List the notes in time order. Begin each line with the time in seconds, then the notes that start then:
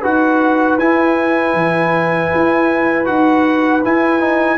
0.00 D#4 F#4 B4 F#5
0.78 E4 G#5
1.53 E3
2.34 E4
3.05 D#4 F#4 F#5
3.84 E4 G#5
4.19 D#4